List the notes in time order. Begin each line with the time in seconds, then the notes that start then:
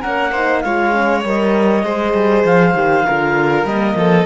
0.00 A#3 C#4 A#4 F#5
0.31 D#4 C5
0.60 G#3 F4 C#5 F5
0.92 C#4
1.24 G3 A#4 D#5
1.83 G#3 G#4 C5
2.14 G3
2.44 F3 F5
2.74 D#3 G4
3.05 D3 F4 A#4
3.64 G3 A#3 D#5
3.95 F3 A4